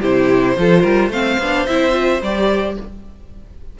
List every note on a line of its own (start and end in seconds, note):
0.00 0.57 C3
0.00 0.57 E4
0.00 0.55 G4
0.00 1.12 C5
0.57 0.84 F3
0.57 1.12 F4
0.57 0.81 A4
0.81 1.09 G3
0.81 1.09 A#4
1.09 1.36 A3
1.09 1.39 C4
1.09 2.75 C5
1.09 1.66 F5
1.39 1.67 B3
1.39 1.68 D4
1.66 2.22 C4
1.66 1.92 E4
1.66 2.21 E5
1.92 2.19 F4
2.22 2.77 G3
2.22 2.79 G4
2.22 2.78 D5